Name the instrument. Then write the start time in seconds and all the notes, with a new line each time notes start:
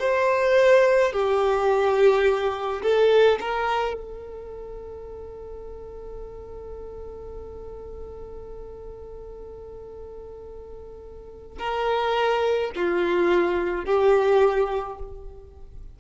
violin
0.00 C5
1.13 G4
2.83 A4
3.41 A#4
3.94 A4
11.59 A#4
12.76 F4
13.86 G4